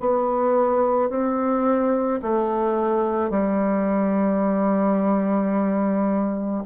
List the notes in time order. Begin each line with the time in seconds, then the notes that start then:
0.00 B3
1.10 C4
2.22 A3
3.30 G3